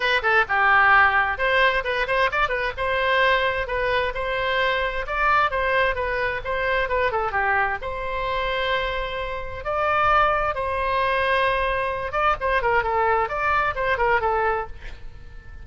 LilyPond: \new Staff \with { instrumentName = "oboe" } { \time 4/4 \tempo 4 = 131 b'8 a'8 g'2 c''4 | b'8 c''8 d''8 b'8 c''2 | b'4 c''2 d''4 | c''4 b'4 c''4 b'8 a'8 |
g'4 c''2.~ | c''4 d''2 c''4~ | c''2~ c''8 d''8 c''8 ais'8 | a'4 d''4 c''8 ais'8 a'4 | }